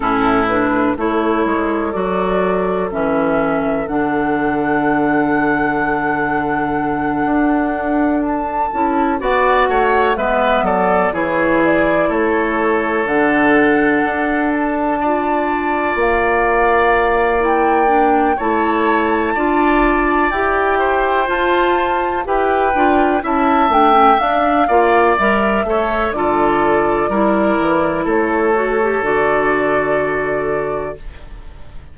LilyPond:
<<
  \new Staff \with { instrumentName = "flute" } { \time 4/4 \tempo 4 = 62 a'8 b'8 cis''4 d''4 e''4 | fis''1~ | fis''8 a''4 fis''4 e''8 d''8 cis''8 | d''8 cis''4 fis''4. a''4~ |
a''8 f''4. g''4 a''4~ | a''4 g''4 a''4 g''4 | a''8 g''8 f''4 e''4 d''4~ | d''4 cis''4 d''2 | }
  \new Staff \with { instrumentName = "oboe" } { \time 4/4 e'4 a'2.~ | a'1~ | a'4. d''8 cis''8 b'8 a'8 gis'8~ | gis'8 a'2. d''8~ |
d''2. cis''4 | d''4. c''4. b'4 | e''4. d''4 cis''8 a'4 | ais'4 a'2. | }
  \new Staff \with { instrumentName = "clarinet" } { \time 4/4 cis'8 d'8 e'4 fis'4 cis'4 | d'1~ | d'4 e'8 fis'4 b4 e'8~ | e'4. d'2 f'8~ |
f'2 e'8 d'8 e'4 | f'4 g'4 f'4 g'8 f'8 | e'8 d'16 cis'16 d'8 f'8 ais'8 a'8 f'4 | e'4. fis'16 g'16 fis'2 | }
  \new Staff \with { instrumentName = "bassoon" } { \time 4/4 a,4 a8 gis8 fis4 e4 | d2.~ d8 d'8~ | d'4 cis'8 b8 a8 gis8 fis8 e8~ | e8 a4 d4 d'4.~ |
d'8 ais2~ ais8 a4 | d'4 e'4 f'4 e'8 d'8 | cis'8 a8 d'8 ais8 g8 a8 d4 | g8 e8 a4 d2 | }
>>